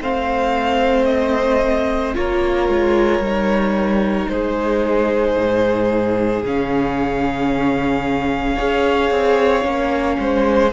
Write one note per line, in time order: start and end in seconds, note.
0.00 2.14 A3
0.00 2.14 C4
0.00 2.15 C5
0.00 1.04 F5
1.04 2.12 D#5
2.14 2.68 A#3
2.14 3.21 F4
2.14 4.31 A#4
2.14 4.28 C#5
2.68 3.19 G#3
3.19 4.26 G3
3.19 6.44 D#4
4.28 5.36 G#3
4.28 8.55 G#4
4.28 6.42 C5
5.37 6.43 G#2
6.43 8.57 C#3
6.43 8.58 C#4
6.43 10.72 F5
8.55 9.10 C#4
8.55 9.62 G#4
8.55 10.16 C#5
9.10 9.64 C4
9.62 10.17 A#3
9.62 10.69 C#4
10.19 10.72 G#3
10.19 10.72 C5